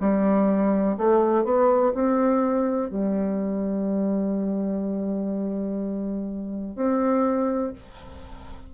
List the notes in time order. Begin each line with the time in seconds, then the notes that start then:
0.00 G3
0.98 A3
1.44 B3
1.94 C4
2.90 G3
6.76 C4